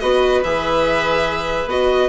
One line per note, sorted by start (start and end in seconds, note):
0.00 0.43 B3
0.00 0.43 F#4
0.00 2.09 B4
0.00 0.42 D#5
0.44 1.66 E3
0.44 1.70 G#4
0.44 1.69 E5
1.66 2.08 B3
1.66 2.09 F#4
1.66 2.09 D#5